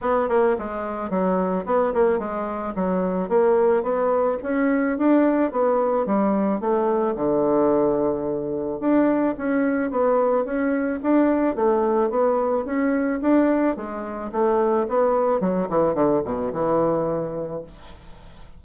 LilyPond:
\new Staff \with { instrumentName = "bassoon" } { \time 4/4 \tempo 4 = 109 b8 ais8 gis4 fis4 b8 ais8 | gis4 fis4 ais4 b4 | cis'4 d'4 b4 g4 | a4 d2. |
d'4 cis'4 b4 cis'4 | d'4 a4 b4 cis'4 | d'4 gis4 a4 b4 | fis8 e8 d8 b,8 e2 | }